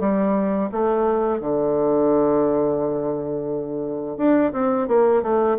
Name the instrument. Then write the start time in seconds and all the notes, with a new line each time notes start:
bassoon
0.00 G3
0.72 A3
1.40 D3
4.18 D4
4.53 C4
4.88 A#3
5.23 A3